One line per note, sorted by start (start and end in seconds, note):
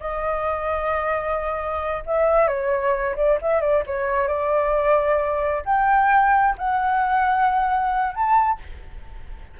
0.00 2.03 D#5
2.06 2.48 E5
2.48 3.15 C#5
3.16 3.38 D5
3.42 3.61 E5
3.61 3.83 D5
3.86 4.28 C#5
4.28 5.63 D5
5.65 6.55 G5
6.58 8.14 F#5
8.14 8.59 A5